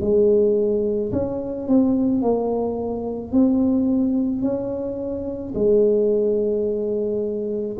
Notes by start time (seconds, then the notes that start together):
0.00 G#3
1.12 C#4
1.67 C4
2.22 A#3
3.31 C4
4.41 C#4
5.55 G#3